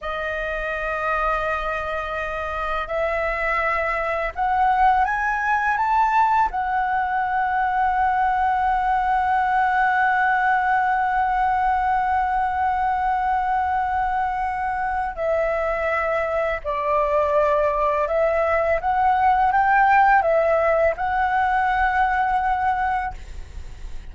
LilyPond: \new Staff \with { instrumentName = "flute" } { \time 4/4 \tempo 4 = 83 dis''1 | e''2 fis''4 gis''4 | a''4 fis''2.~ | fis''1~ |
fis''1~ | fis''4 e''2 d''4~ | d''4 e''4 fis''4 g''4 | e''4 fis''2. | }